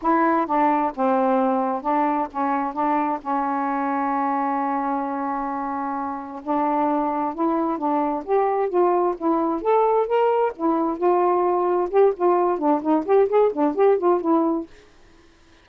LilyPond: \new Staff \with { instrumentName = "saxophone" } { \time 4/4 \tempo 4 = 131 e'4 d'4 c'2 | d'4 cis'4 d'4 cis'4~ | cis'1~ | cis'2 d'2 |
e'4 d'4 g'4 f'4 | e'4 a'4 ais'4 e'4 | f'2 g'8 f'4 d'8 | dis'8 g'8 gis'8 d'8 g'8 f'8 e'4 | }